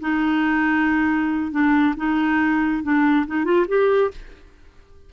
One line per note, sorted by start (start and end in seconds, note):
0.00 1.51 D#4
1.51 1.94 D4
1.96 2.83 D#4
2.83 3.26 D4
3.26 3.44 D#4
3.44 3.66 F4
3.67 4.11 G4